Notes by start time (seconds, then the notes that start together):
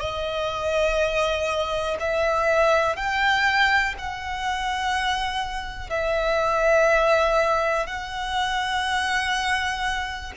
0.00 D#5
2.00 E5
2.96 G5
3.98 F#5
5.90 E5
7.86 F#5